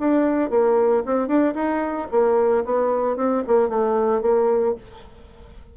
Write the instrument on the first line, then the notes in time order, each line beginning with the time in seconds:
bassoon
0.00 D4
0.51 A#3
1.06 C4
1.28 D4
1.55 D#4
2.12 A#3
2.65 B3
3.17 C4
3.48 A#3
3.69 A3
4.22 A#3